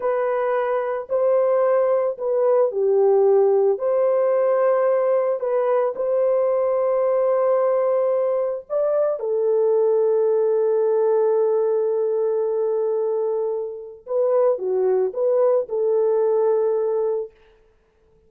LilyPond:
\new Staff \with { instrumentName = "horn" } { \time 4/4 \tempo 4 = 111 b'2 c''2 | b'4 g'2 c''4~ | c''2 b'4 c''4~ | c''1 |
d''4 a'2.~ | a'1~ | a'2 b'4 fis'4 | b'4 a'2. | }